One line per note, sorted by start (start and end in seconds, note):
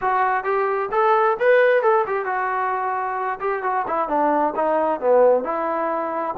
0.01 0.43 F#4
0.43 0.89 G4
0.91 1.37 A4
1.39 1.82 B4
1.82 2.05 A4
2.06 2.25 G4
2.25 3.39 F#4
3.40 3.62 G4
3.63 3.85 F#4
3.87 4.08 E4
4.08 4.54 D4
4.55 5.00 D#4
5.00 5.43 B3
5.43 6.34 E4